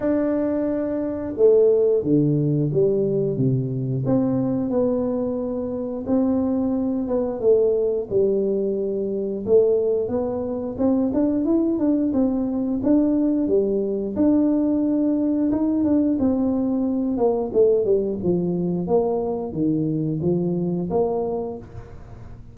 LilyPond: \new Staff \with { instrumentName = "tuba" } { \time 4/4 \tempo 4 = 89 d'2 a4 d4 | g4 c4 c'4 b4~ | b4 c'4. b8 a4 | g2 a4 b4 |
c'8 d'8 e'8 d'8 c'4 d'4 | g4 d'2 dis'8 d'8 | c'4. ais8 a8 g8 f4 | ais4 dis4 f4 ais4 | }